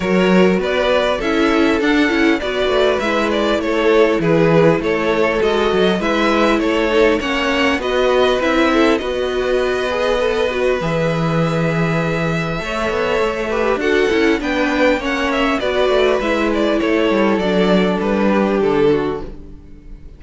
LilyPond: <<
  \new Staff \with { instrumentName = "violin" } { \time 4/4 \tempo 4 = 100 cis''4 d''4 e''4 fis''4 | d''4 e''8 d''8 cis''4 b'4 | cis''4 dis''4 e''4 cis''4 | fis''4 dis''4 e''4 dis''4~ |
dis''2 e''2~ | e''2. fis''4 | g''4 fis''8 e''8 d''4 e''8 d''8 | cis''4 d''4 b'4 a'4 | }
  \new Staff \with { instrumentName = "violin" } { \time 4/4 ais'4 b'4 a'2 | b'2 a'4 gis'4 | a'2 b'4 a'4 | cis''4 b'4. a'8 b'4~ |
b'1~ | b'4 cis''4. b'8 a'4 | b'4 cis''4 b'2 | a'2~ a'8 g'4 fis'8 | }
  \new Staff \with { instrumentName = "viola" } { \time 4/4 fis'2 e'4 d'8 e'8 | fis'4 e'2.~ | e'4 fis'4 e'4. dis'8 | cis'4 fis'4 e'4 fis'4~ |
fis'8 gis'8 a'8 fis'8 gis'2~ | gis'4 a'4. g'8 fis'8 e'8 | d'4 cis'4 fis'4 e'4~ | e'4 d'2. | }
  \new Staff \with { instrumentName = "cello" } { \time 4/4 fis4 b4 cis'4 d'8 cis'8 | b8 a8 gis4 a4 e4 | a4 gis8 fis8 gis4 a4 | ais4 b4 c'4 b4~ |
b2 e2~ | e4 a8 b8 a4 d'8 cis'8 | b4 ais4 b8 a8 gis4 | a8 g8 fis4 g4 d4 | }
>>